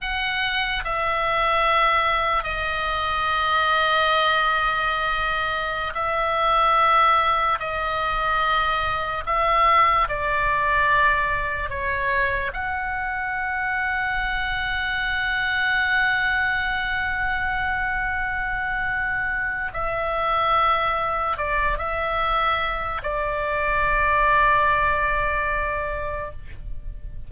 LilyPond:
\new Staff \with { instrumentName = "oboe" } { \time 4/4 \tempo 4 = 73 fis''4 e''2 dis''4~ | dis''2.~ dis''16 e''8.~ | e''4~ e''16 dis''2 e''8.~ | e''16 d''2 cis''4 fis''8.~ |
fis''1~ | fis''1 | e''2 d''8 e''4. | d''1 | }